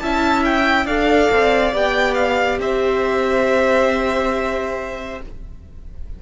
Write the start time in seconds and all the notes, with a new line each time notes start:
0.00 C#4 E4 E5 A5
0.45 G5
0.86 D4 A4 D5 F5
1.32 C4
1.72 B3 G4 G5
2.14 F5
2.59 C4 C5 E5